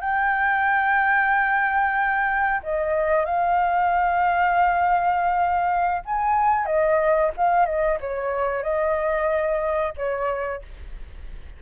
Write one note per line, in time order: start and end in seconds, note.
0.00 2.61 G5
2.63 3.25 D#5
3.25 6.02 F5
6.05 6.65 G#5
6.65 7.30 D#5
7.37 7.65 F5
7.65 7.98 D#5
8.00 8.63 C#5
8.63 9.93 D#5
9.96 10.62 C#5